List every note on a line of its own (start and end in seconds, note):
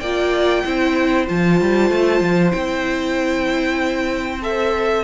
0.00 0.63 A#3
0.00 0.65 F4
0.00 0.64 D5
0.00 1.26 G5
0.64 1.29 C4
0.64 1.27 E4
0.64 5.04 C5
1.27 1.61 F3
1.27 2.51 F4
1.27 2.52 A5
1.61 1.90 G3
1.90 2.20 A3
2.20 2.52 F3
2.51 5.04 C4
2.51 4.40 E4
2.51 4.41 G5
4.41 5.04 A4
4.41 5.04 E5